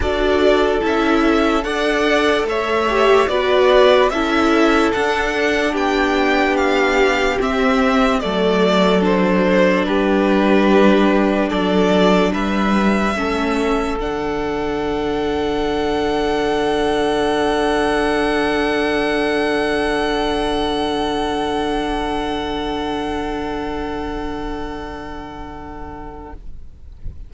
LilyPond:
<<
  \new Staff \with { instrumentName = "violin" } { \time 4/4 \tempo 4 = 73 d''4 e''4 fis''4 e''4 | d''4 e''4 fis''4 g''4 | f''4 e''4 d''4 c''4 | b'2 d''4 e''4~ |
e''4 fis''2.~ | fis''1~ | fis''1~ | fis''1 | }
  \new Staff \with { instrumentName = "violin" } { \time 4/4 a'2 d''4 cis''4 | b'4 a'2 g'4~ | g'2 a'2 | g'2 a'4 b'4 |
a'1~ | a'1~ | a'1~ | a'1 | }
  \new Staff \with { instrumentName = "viola" } { \time 4/4 fis'4 e'4 a'4. g'8 | fis'4 e'4 d'2~ | d'4 c'4 a4 d'4~ | d'1 |
cis'4 d'2.~ | d'1~ | d'1~ | d'1 | }
  \new Staff \with { instrumentName = "cello" } { \time 4/4 d'4 cis'4 d'4 a4 | b4 cis'4 d'4 b4~ | b4 c'4 fis2 | g2 fis4 g4 |
a4 d2.~ | d1~ | d1~ | d1 | }
>>